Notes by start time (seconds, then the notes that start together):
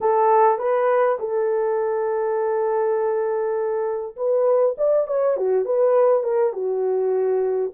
0.00 A4
0.58 B4
1.19 A4
4.16 B4
4.77 D5
5.07 C#5
5.36 F#4
5.65 B4
6.23 A#4
6.52 F#4